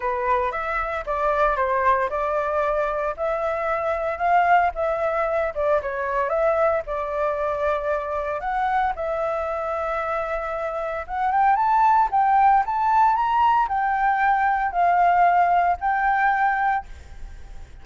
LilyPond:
\new Staff \with { instrumentName = "flute" } { \time 4/4 \tempo 4 = 114 b'4 e''4 d''4 c''4 | d''2 e''2 | f''4 e''4. d''8 cis''4 | e''4 d''2. |
fis''4 e''2.~ | e''4 fis''8 g''8 a''4 g''4 | a''4 ais''4 g''2 | f''2 g''2 | }